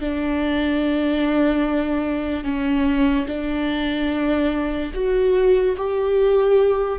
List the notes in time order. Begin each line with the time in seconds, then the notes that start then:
0.00 D4
2.44 C#4
3.27 D4
4.94 F#4
5.76 G4